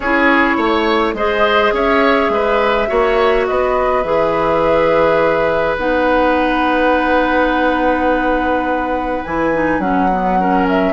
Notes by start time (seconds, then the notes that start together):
0.00 C#4 E4 G#4 C#5
0.56 A3 C#5
1.13 G#3 G#4 C5 D#5
1.72 C#4 C#5 E5
2.29 G#3 B4
2.87 A#3 F#4 C#5
3.46 B3 B4 D#5
4.03 E3 G#4 E5
5.77 B3 D#4 F#5
9.24 E3 E4 G#5
9.53 D#4
9.78 F#3 C#4 F#5
10.11 B3
10.39 C#4 A#4
10.68 E5